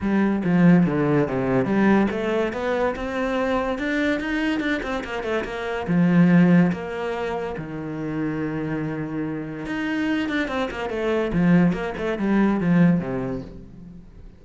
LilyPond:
\new Staff \with { instrumentName = "cello" } { \time 4/4 \tempo 4 = 143 g4 f4 d4 c4 | g4 a4 b4 c'4~ | c'4 d'4 dis'4 d'8 c'8 | ais8 a8 ais4 f2 |
ais2 dis2~ | dis2. dis'4~ | dis'8 d'8 c'8 ais8 a4 f4 | ais8 a8 g4 f4 c4 | }